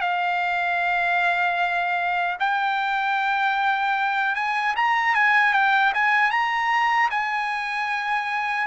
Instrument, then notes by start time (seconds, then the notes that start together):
trumpet
0.00 F5
2.39 G5
4.35 G#5
4.76 A#5
5.14 G#5
5.53 G5
5.94 G#5
6.31 A#5
7.10 G#5